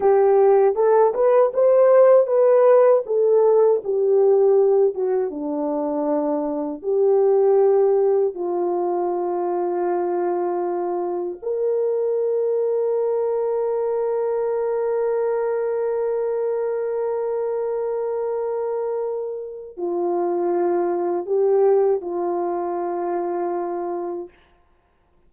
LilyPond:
\new Staff \with { instrumentName = "horn" } { \time 4/4 \tempo 4 = 79 g'4 a'8 b'8 c''4 b'4 | a'4 g'4. fis'8 d'4~ | d'4 g'2 f'4~ | f'2. ais'4~ |
ais'1~ | ais'1~ | ais'2 f'2 | g'4 f'2. | }